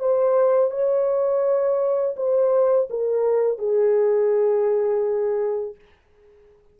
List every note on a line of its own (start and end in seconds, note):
0.00 0.71 C5
0.71 2.16 C#5
2.17 2.89 C5
2.90 3.58 A#4
3.58 5.75 G#4